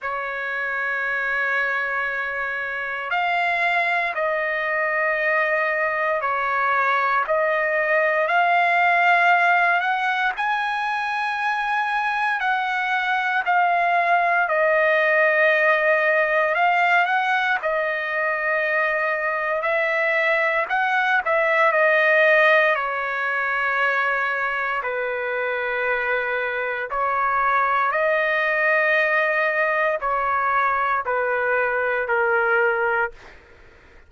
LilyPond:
\new Staff \with { instrumentName = "trumpet" } { \time 4/4 \tempo 4 = 58 cis''2. f''4 | dis''2 cis''4 dis''4 | f''4. fis''8 gis''2 | fis''4 f''4 dis''2 |
f''8 fis''8 dis''2 e''4 | fis''8 e''8 dis''4 cis''2 | b'2 cis''4 dis''4~ | dis''4 cis''4 b'4 ais'4 | }